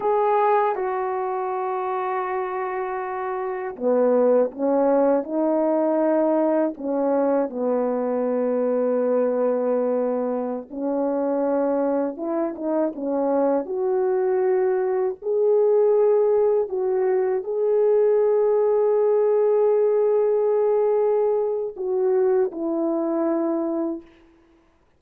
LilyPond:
\new Staff \with { instrumentName = "horn" } { \time 4/4 \tempo 4 = 80 gis'4 fis'2.~ | fis'4 b4 cis'4 dis'4~ | dis'4 cis'4 b2~ | b2~ b16 cis'4.~ cis'16~ |
cis'16 e'8 dis'8 cis'4 fis'4.~ fis'16~ | fis'16 gis'2 fis'4 gis'8.~ | gis'1~ | gis'4 fis'4 e'2 | }